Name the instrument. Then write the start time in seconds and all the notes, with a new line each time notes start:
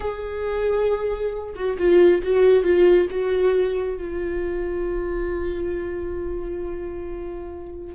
viola
0.00 G#4
1.55 F#4
1.77 F4
2.23 F#4
2.63 F4
3.10 F#4
3.97 F4